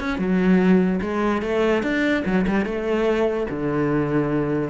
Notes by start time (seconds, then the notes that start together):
0.00 C#4
0.19 F#3
1.01 G#3
1.43 A3
1.83 D4
2.26 F#3
2.48 G3
2.66 A3
3.50 D3